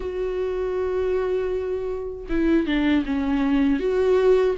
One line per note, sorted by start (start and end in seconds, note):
0.00 2.26 F#4
2.29 2.66 E4
2.66 3.04 D4
3.05 3.79 C#4
3.79 4.55 F#4